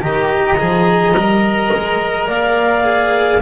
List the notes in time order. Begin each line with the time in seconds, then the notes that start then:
0.00 D#3 G4 D#5 A#5
0.57 F3 G#4
1.13 G3 A#4
1.73 G#3
2.27 A#3 D5 F5
2.83 G#4